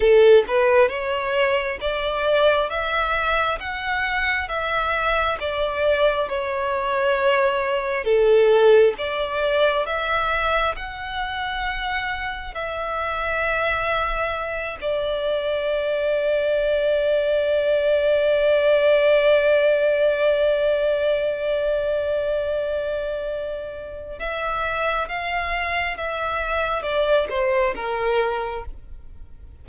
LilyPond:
\new Staff \with { instrumentName = "violin" } { \time 4/4 \tempo 4 = 67 a'8 b'8 cis''4 d''4 e''4 | fis''4 e''4 d''4 cis''4~ | cis''4 a'4 d''4 e''4 | fis''2 e''2~ |
e''8 d''2.~ d''8~ | d''1~ | d''2. e''4 | f''4 e''4 d''8 c''8 ais'4 | }